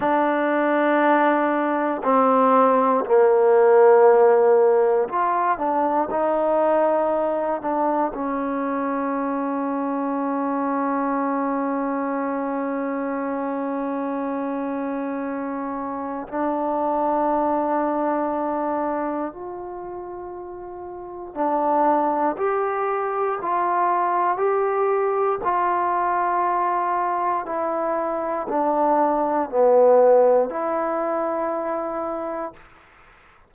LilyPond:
\new Staff \with { instrumentName = "trombone" } { \time 4/4 \tempo 4 = 59 d'2 c'4 ais4~ | ais4 f'8 d'8 dis'4. d'8 | cis'1~ | cis'1 |
d'2. f'4~ | f'4 d'4 g'4 f'4 | g'4 f'2 e'4 | d'4 b4 e'2 | }